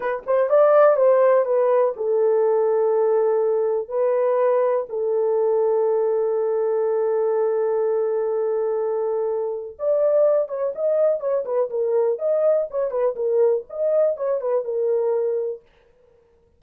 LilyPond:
\new Staff \with { instrumentName = "horn" } { \time 4/4 \tempo 4 = 123 b'8 c''8 d''4 c''4 b'4 | a'1 | b'2 a'2~ | a'1~ |
a'1 | d''4. cis''8 dis''4 cis''8 b'8 | ais'4 dis''4 cis''8 b'8 ais'4 | dis''4 cis''8 b'8 ais'2 | }